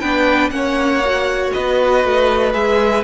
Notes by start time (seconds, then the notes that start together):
0.00 B3 D4 B4 G5
0.51 A#3 C#4 C#5 F#5
1.05 F#4
1.53 B3 B4 D#5
2.04 A3
2.53 G#3 G#4 E5